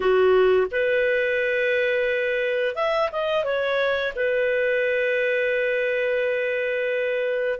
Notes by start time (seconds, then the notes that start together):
0.00 F#4
0.71 B4
2.75 E5
3.12 D#5
3.44 C#5
4.15 B4